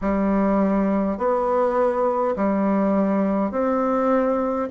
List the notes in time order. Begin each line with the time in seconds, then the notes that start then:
0.01 G3
1.17 B3
2.35 G3
3.51 C4